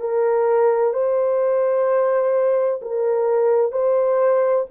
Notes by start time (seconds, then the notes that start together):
0.00 A#4
0.93 C5
2.81 A#4
3.72 C5